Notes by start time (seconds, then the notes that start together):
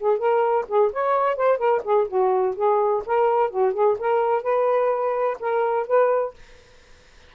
0.00 G#4
0.18 A#4
0.68 G#4
0.93 C#5
1.37 C5
1.58 A#4
1.84 G#4
2.08 F#4
2.56 G#4
3.06 A#4
3.51 F#4
3.74 G#4
3.99 A#4
4.43 B4
5.40 A#4
5.88 B4